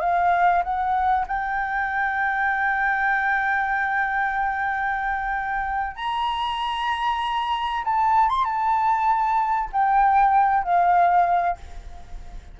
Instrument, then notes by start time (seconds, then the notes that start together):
flute
0.00 F5
0.63 F#5
1.27 G5
5.96 A#5
7.84 A5
8.29 C6
8.44 A5
9.72 G5
10.63 F5